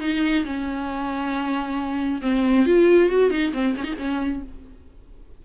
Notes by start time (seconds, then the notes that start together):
0.00 D#4
0.45 C#4
2.22 C4
2.66 F4
3.09 F#4
3.30 D#4
3.53 C4
3.77 C#4
3.83 D#4
3.98 C#4